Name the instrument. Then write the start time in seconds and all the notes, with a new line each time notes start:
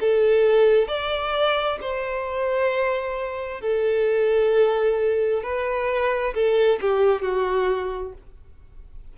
violin
0.00 A4
0.88 D5
1.81 C5
3.61 A4
5.43 B4
6.34 A4
6.81 G4
7.21 F#4